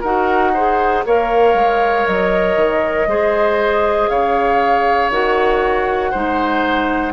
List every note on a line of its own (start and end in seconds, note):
0.00 1.05 D#4
0.00 0.55 F#4
0.00 0.51 A#4
0.00 1.04 F#5
0.53 1.06 G#4
0.53 1.04 C5
1.06 1.54 A#3
1.06 3.09 A#4
1.06 3.08 C#5
1.06 2.07 F5
1.54 2.04 G#3
2.07 2.56 F#3
2.07 4.08 D#5
2.56 3.06 D#3
3.06 4.08 G#3
3.06 5.11 G#4
3.06 4.10 C5
4.08 5.10 C#3
4.08 6.11 C#5
4.08 5.10 F5
5.10 6.11 D#3
5.10 6.13 F#4
5.10 7.13 F#5
6.11 7.13 G#3
6.11 7.13 D#4
6.11 7.12 C5